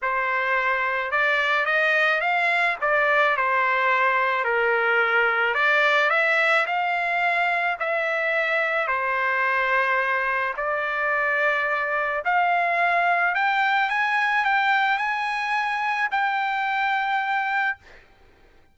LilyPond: \new Staff \with { instrumentName = "trumpet" } { \time 4/4 \tempo 4 = 108 c''2 d''4 dis''4 | f''4 d''4 c''2 | ais'2 d''4 e''4 | f''2 e''2 |
c''2. d''4~ | d''2 f''2 | g''4 gis''4 g''4 gis''4~ | gis''4 g''2. | }